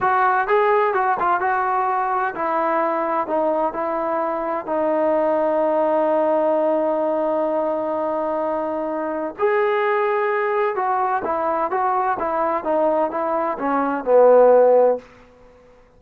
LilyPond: \new Staff \with { instrumentName = "trombone" } { \time 4/4 \tempo 4 = 128 fis'4 gis'4 fis'8 f'8 fis'4~ | fis'4 e'2 dis'4 | e'2 dis'2~ | dis'1~ |
dis'1 | gis'2. fis'4 | e'4 fis'4 e'4 dis'4 | e'4 cis'4 b2 | }